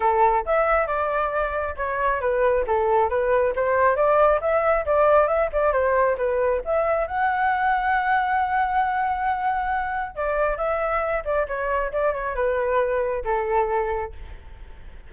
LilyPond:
\new Staff \with { instrumentName = "flute" } { \time 4/4 \tempo 4 = 136 a'4 e''4 d''2 | cis''4 b'4 a'4 b'4 | c''4 d''4 e''4 d''4 | e''8 d''8 c''4 b'4 e''4 |
fis''1~ | fis''2. d''4 | e''4. d''8 cis''4 d''8 cis''8 | b'2 a'2 | }